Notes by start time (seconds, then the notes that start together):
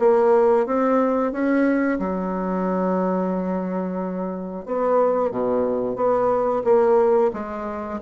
0.00 A#3
0.67 C4
1.32 C#4
1.99 F#3
4.66 B3
5.31 B2
5.96 B3
6.65 A#3
7.34 G#3